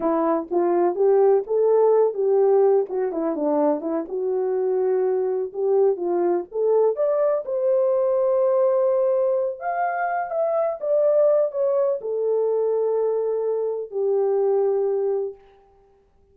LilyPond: \new Staff \with { instrumentName = "horn" } { \time 4/4 \tempo 4 = 125 e'4 f'4 g'4 a'4~ | a'8 g'4. fis'8 e'8 d'4 | e'8 fis'2. g'8~ | g'8 f'4 a'4 d''4 c''8~ |
c''1 | f''4. e''4 d''4. | cis''4 a'2.~ | a'4 g'2. | }